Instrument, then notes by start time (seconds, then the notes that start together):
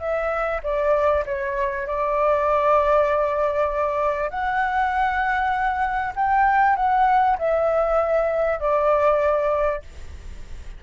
flute
0.00 E5
0.64 D5
1.26 C#5
1.88 D5
4.31 F#5
6.16 G5
6.76 F#5
7.39 E5
8.60 D5